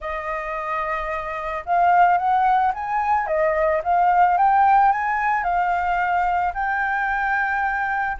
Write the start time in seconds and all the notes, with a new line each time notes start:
0.00 D#5
1.65 F5
2.17 F#5
2.73 G#5
3.27 D#5
3.83 F5
4.37 G5
4.92 G#5
5.43 F5
6.54 G5